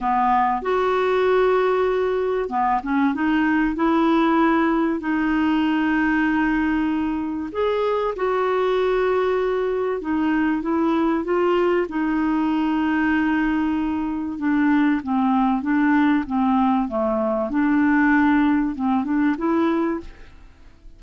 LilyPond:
\new Staff \with { instrumentName = "clarinet" } { \time 4/4 \tempo 4 = 96 b4 fis'2. | b8 cis'8 dis'4 e'2 | dis'1 | gis'4 fis'2. |
dis'4 e'4 f'4 dis'4~ | dis'2. d'4 | c'4 d'4 c'4 a4 | d'2 c'8 d'8 e'4 | }